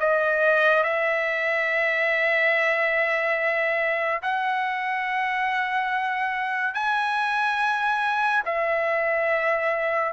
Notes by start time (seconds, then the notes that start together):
0.00 D#5
0.83 E5
4.22 F#5
6.74 G#5
8.45 E5